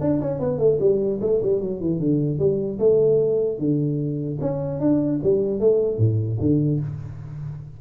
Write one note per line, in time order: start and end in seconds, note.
0.00 0.20 D4
0.21 0.39 C#4
0.39 0.58 B3
0.58 0.78 A3
0.80 1.20 G3
1.21 1.41 A3
1.42 1.60 G3
1.60 1.80 F#3
1.80 1.99 E3
1.99 2.39 D3
2.39 2.79 G3
2.79 3.58 A3
3.58 4.38 D3
4.40 4.79 C#4
4.79 5.19 D4
5.23 5.60 G3
5.60 5.98 A3
5.98 6.38 A2
6.40 6.80 D3